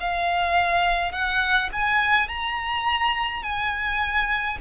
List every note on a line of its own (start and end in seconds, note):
0.00 1.12 F5
1.12 1.69 F#5
1.72 2.28 G#5
2.28 3.42 A#5
3.42 4.58 G#5